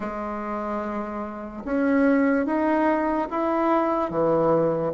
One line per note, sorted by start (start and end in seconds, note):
0.00 1.63 G#3
1.64 2.45 C#4
2.45 3.28 D#4
3.30 4.10 E4
4.10 4.92 E3